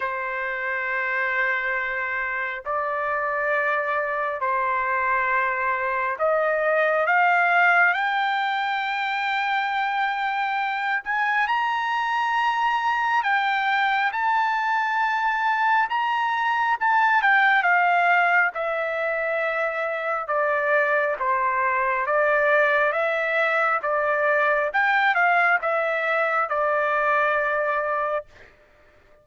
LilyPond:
\new Staff \with { instrumentName = "trumpet" } { \time 4/4 \tempo 4 = 68 c''2. d''4~ | d''4 c''2 dis''4 | f''4 g''2.~ | g''8 gis''8 ais''2 g''4 |
a''2 ais''4 a''8 g''8 | f''4 e''2 d''4 | c''4 d''4 e''4 d''4 | g''8 f''8 e''4 d''2 | }